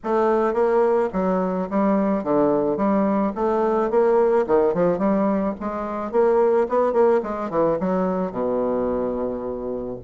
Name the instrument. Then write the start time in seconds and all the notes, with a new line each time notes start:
bassoon
0.03 A3
0.53 A#3
1.12 F#3
1.70 G3
2.23 D3
2.77 G3
3.35 A3
3.90 A#3
4.46 D#3
4.74 F3
4.98 G3
5.60 G#3
6.11 A#3
6.68 B3
6.93 A#3
7.22 G#3
7.50 E3
7.80 F#3
8.31 B2